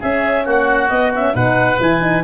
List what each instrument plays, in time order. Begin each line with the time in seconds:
0.00 horn C#4, tuba C#4, oboe G#4, clarinet E5
0.45 tuba A#3, oboe F#4, clarinet F#5
0.89 tuba B3, horn B3, clarinet D#5
1.14 horn C#4, clarinet E5
1.33 tuba B2, horn D#4, oboe B4, clarinet F#5
1.80 tuba E3, horn E4, clarinet G#5
2.01 horn D#4